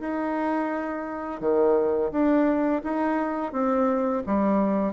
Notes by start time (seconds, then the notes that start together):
0.00 D#4
1.41 D#3
2.11 D4
2.84 D#4
3.52 C4
4.26 G3